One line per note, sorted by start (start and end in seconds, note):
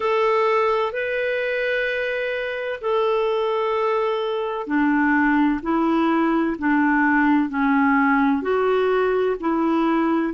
0.00 0.92 A4
0.92 2.80 B4
2.81 4.66 A4
4.66 5.60 D4
5.62 6.56 E4
6.58 7.49 D4
7.49 8.42 C#4
8.42 9.35 F#4
9.40 10.33 E4